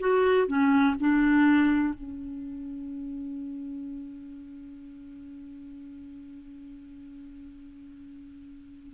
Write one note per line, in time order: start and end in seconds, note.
0.00 0.48 F#4
0.48 0.96 C#4
0.99 1.94 D4
1.94 8.94 C#4